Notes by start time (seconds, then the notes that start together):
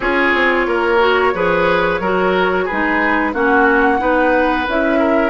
0.00 C#4 F4 G#4 C#5
0.34 C4
0.67 A#3 A#4
0.99 F#4
1.33 F3 G#4 B4
1.99 F#3 F#4 A#4
2.64 D#4 G#4 B4
2.72 G#3
3.33 A#3 C#4 F#4 F#5
3.98 B3 D#4 B4
4.67 C#4 E4 E5
4.99 A#4